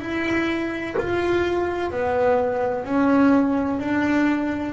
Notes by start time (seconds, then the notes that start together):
0.00 E4
0.97 F4
1.90 B3
2.84 C#4
3.79 D4